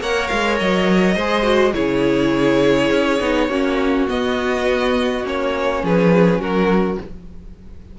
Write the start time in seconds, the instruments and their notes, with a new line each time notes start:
0.00 cello A#3, viola A#4, violin C#5 F#5
0.27 cello G#3, violin F5
0.59 cello F#3, violin D#5
1.15 cello G#3, viola G#4, violin C5
1.42 viola F#4
1.73 cello C#3, viola E4, violin G#4 C#5
2.90 cello C#4
3.19 cello B3, viola D#4
3.48 cello A#3, viola C#4, violin F#4
4.08 viola B3, cello B3, violin D#5
5.24 cello A#3, viola C#4, violin C#5
5.83 cello F3, violin G#4 B4
6.39 cello F#3, violin F#4 A#4